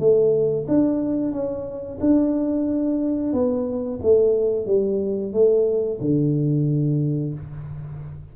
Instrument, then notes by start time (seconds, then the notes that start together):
tuba
0.00 A3
0.68 D4
1.32 C#4
2.01 D4
3.33 B3
4.03 A3
4.66 G3
5.33 A3
6.01 D3